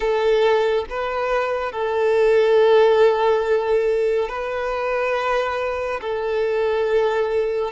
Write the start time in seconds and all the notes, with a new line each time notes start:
0.00 A4
0.89 B4
1.72 A4
4.29 B4
6.01 A4